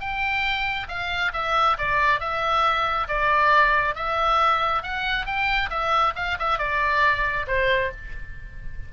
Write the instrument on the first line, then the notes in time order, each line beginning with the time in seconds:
oboe
0.00 G5
0.89 F5
1.34 E5
1.78 D5
2.20 E5
3.08 D5
3.95 E5
4.83 F#5
5.26 G5
5.70 E5
6.16 F5
6.39 E5
6.59 D5
7.48 C5